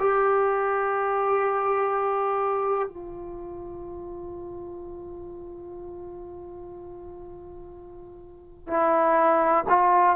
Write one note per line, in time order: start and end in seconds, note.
0.00 2.88 G4
2.88 8.67 F4
8.67 9.64 E4
9.69 10.16 F4